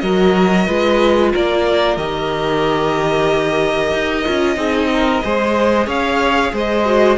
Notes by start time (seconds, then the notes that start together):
0.00 F#3 F#4 A#4 D#5
0.67 G#3 F4 B4
1.32 A#3 A#4 D5
1.97 D#3 G4 D#5
3.93 D#4
4.26 C#4 F4
4.56 C4 D#4 G#4
4.93 A#4
5.24 G#3 G#4 C5
5.87 C#4 C#5 F5
6.53 G#3 C5 D#5
6.85 F#4